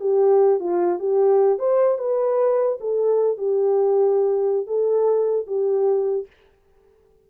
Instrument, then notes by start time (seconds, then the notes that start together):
horn
0.00 G4
0.60 F4
0.99 G4
1.59 C5
1.99 B4
2.80 A4
3.37 G4
4.67 A4
5.47 G4